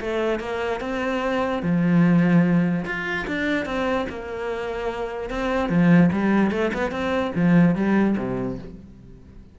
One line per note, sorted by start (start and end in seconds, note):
0.00 0.40 A3
0.40 0.80 A#3
0.80 1.62 C4
1.62 2.84 F3
2.85 3.26 F4
3.27 3.65 D4
3.65 4.06 C4
4.09 5.30 A#3
5.30 5.69 C4
5.69 6.10 F3
6.12 6.51 G3
6.51 6.71 A3
6.73 6.91 B3
6.91 7.32 C4
7.35 7.75 F3
7.75 8.16 G3
8.17 8.58 C3